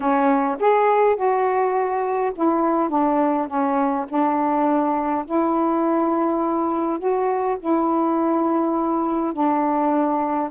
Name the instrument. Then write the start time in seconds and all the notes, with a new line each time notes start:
saxophone
0.00 C#4
0.59 G#4
1.16 F#4
2.35 E4
2.89 D4
3.47 C#4
4.08 D4
5.25 E4
6.98 F#4
7.59 E4
9.33 D4